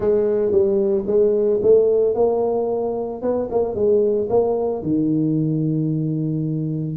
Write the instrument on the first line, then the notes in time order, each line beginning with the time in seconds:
tuba
0.00 G#3
0.51 G3
1.06 G#3
1.62 A3
2.15 A#3
3.22 B3
3.51 A#3
3.74 G#3
4.29 A#3
4.82 D#3